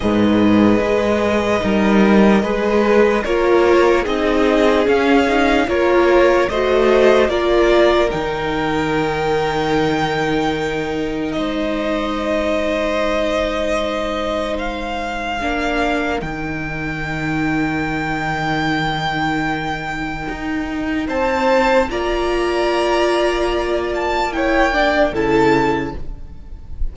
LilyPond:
<<
  \new Staff \with { instrumentName = "violin" } { \time 4/4 \tempo 4 = 74 dis''1 | cis''4 dis''4 f''4 cis''4 | dis''4 d''4 g''2~ | g''2 dis''2~ |
dis''2 f''2 | g''1~ | g''2 a''4 ais''4~ | ais''4. a''8 g''4 a''4 | }
  \new Staff \with { instrumentName = "violin" } { \time 4/4 b'2 ais'4 b'4 | ais'4 gis'2 ais'4 | c''4 ais'2.~ | ais'2 c''2~ |
c''2. ais'4~ | ais'1~ | ais'2 c''4 d''4~ | d''2 cis''8 d''8 a'4 | }
  \new Staff \with { instrumentName = "viola" } { \time 4/4 gis'2 dis'4 gis'4 | f'4 dis'4 cis'8 dis'8 f'4 | fis'4 f'4 dis'2~ | dis'1~ |
dis'2. d'4 | dis'1~ | dis'2. f'4~ | f'2 e'8 d'8 e'4 | }
  \new Staff \with { instrumentName = "cello" } { \time 4/4 gis,4 gis4 g4 gis4 | ais4 c'4 cis'4 ais4 | a4 ais4 dis2~ | dis2 gis2~ |
gis2. ais4 | dis1~ | dis4 dis'4 c'4 ais4~ | ais2. cis4 | }
>>